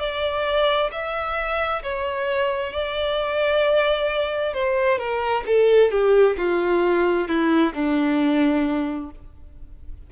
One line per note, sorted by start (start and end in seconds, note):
0.00 0.91 D5
0.92 1.83 E5
1.83 2.74 C#5
2.74 4.54 D5
4.54 4.99 C5
4.99 5.44 A#4
5.47 5.92 A4
5.92 6.37 G4
6.38 7.28 F4
7.28 7.74 E4
7.74 9.11 D4